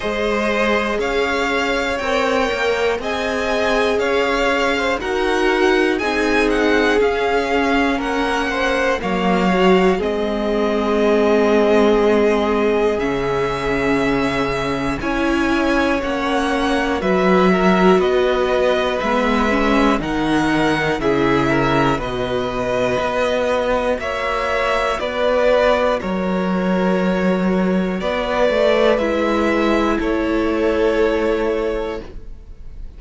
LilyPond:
<<
  \new Staff \with { instrumentName = "violin" } { \time 4/4 \tempo 4 = 60 dis''4 f''4 g''4 gis''4 | f''4 fis''4 gis''8 fis''8 f''4 | fis''4 f''4 dis''2~ | dis''4 e''2 gis''4 |
fis''4 e''4 dis''4 e''4 | fis''4 e''4 dis''2 | e''4 d''4 cis''2 | d''4 e''4 cis''2 | }
  \new Staff \with { instrumentName = "violin" } { \time 4/4 c''4 cis''2 dis''4 | cis''8. c''16 ais'4 gis'2 | ais'8 c''8 cis''4 gis'2~ | gis'2. cis''4~ |
cis''4 b'8 ais'8 b'2 | ais'4 gis'8 ais'8 b'2 | cis''4 b'4 ais'2 | b'2 a'2 | }
  \new Staff \with { instrumentName = "viola" } { \time 4/4 gis'2 ais'4 gis'4~ | gis'4 fis'4 dis'4 cis'4~ | cis'4 ais8 fis'8 c'2~ | c'4 cis'2 e'4 |
cis'4 fis'2 b8 cis'8 | dis'4 e'4 fis'2~ | fis'1~ | fis'4 e'2. | }
  \new Staff \with { instrumentName = "cello" } { \time 4/4 gis4 cis'4 c'8 ais8 c'4 | cis'4 dis'4 c'4 cis'4 | ais4 fis4 gis2~ | gis4 cis2 cis'4 |
ais4 fis4 b4 gis4 | dis4 cis4 b,4 b4 | ais4 b4 fis2 | b8 a8 gis4 a2 | }
>>